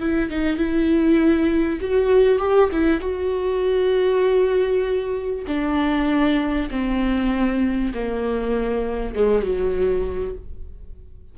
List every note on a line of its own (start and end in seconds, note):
0.00 0.30 E4
0.30 0.57 D#4
0.57 1.79 E4
1.81 2.39 F#4
2.39 2.70 G4
2.72 3.01 E4
3.01 5.46 F#4
5.47 6.70 D4
6.70 7.93 C4
7.94 9.15 A#3
9.15 9.43 G#3
9.43 10.34 F#3